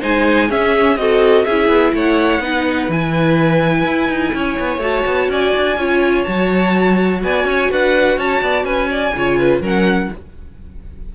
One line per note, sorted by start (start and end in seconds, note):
0.00 0.51 G#3
0.00 0.49 D#4
0.00 0.48 C5
0.00 0.51 G#5
0.49 0.97 C#4
0.49 0.97 G#4
0.49 0.97 E5
0.97 1.45 C4
0.97 1.46 F#4
0.97 1.46 A4
0.97 1.45 D#5
1.45 1.68 C#4
1.45 2.42 E4
1.45 1.94 G#4
1.45 1.93 E5
1.68 1.92 B3
1.93 2.39 A3
1.93 2.42 C#5
1.93 2.92 F#5
2.39 2.87 B3
2.39 2.90 D#4
2.39 4.34 B4
2.88 3.84 E3
2.88 4.80 E4
2.88 4.81 G#5
3.85 4.09 E4
4.09 4.33 D#4
4.34 4.58 C#4
4.34 5.31 C#5
4.59 4.78 B3
4.78 5.02 A3
4.78 5.76 F#4
4.78 5.29 A5
5.06 5.29 B3
5.29 5.53 C#4
5.29 5.79 D5
5.29 6.24 G#5
5.56 5.77 D4
5.77 6.25 C#4
5.77 6.26 F4
5.77 7.23 C#5
6.24 7.23 F#3
6.24 9.14 F#4
6.24 7.20 A5
7.23 7.44 B3
7.23 7.48 D5
7.23 7.71 G#5
7.44 7.68 C#4
7.44 7.71 C#5
7.71 8.17 D4
7.71 8.19 B4
7.71 8.19 F#5
8.17 8.41 C#4
8.17 8.41 C#5
8.17 8.65 A5
8.41 8.64 B3
8.41 8.65 D5
8.64 9.12 C#4
8.64 8.89 B4
8.64 9.61 G#5
8.90 9.14 D5
9.15 9.61 C#3
9.15 9.63 F4
9.15 9.39 C#5
9.39 9.61 B4
9.61 10.09 F#3
9.61 10.11 C#4
9.61 10.09 A#4
9.61 10.15 F#5